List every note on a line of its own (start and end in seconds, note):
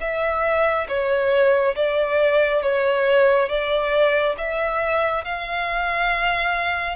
0.00 0.87 E5
0.88 1.75 C#5
1.75 2.62 D5
2.62 3.49 C#5
3.49 4.36 D5
4.38 5.25 E5
5.25 6.96 F5